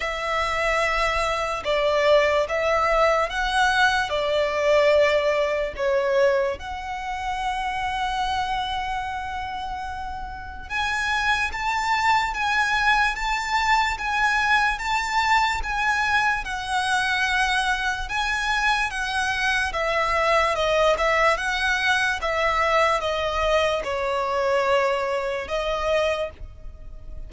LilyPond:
\new Staff \with { instrumentName = "violin" } { \time 4/4 \tempo 4 = 73 e''2 d''4 e''4 | fis''4 d''2 cis''4 | fis''1~ | fis''4 gis''4 a''4 gis''4 |
a''4 gis''4 a''4 gis''4 | fis''2 gis''4 fis''4 | e''4 dis''8 e''8 fis''4 e''4 | dis''4 cis''2 dis''4 | }